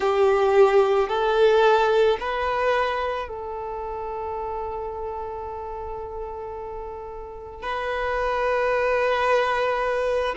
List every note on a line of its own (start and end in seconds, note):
0.00 1.08 G4
1.08 2.17 A4
2.20 3.28 B4
3.28 7.62 A4
7.62 10.35 B4